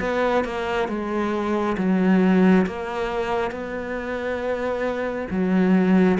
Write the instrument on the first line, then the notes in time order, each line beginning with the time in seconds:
cello
0.00 B3
0.44 A#3
0.88 G#3
1.77 F#3
2.66 A#3
3.51 B3
5.30 F#3